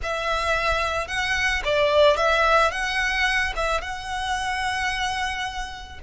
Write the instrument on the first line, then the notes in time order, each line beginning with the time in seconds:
violin
0.02 E5
1.07 F#5
1.64 D5
2.16 E5
2.71 F#5
3.56 E5
3.81 F#5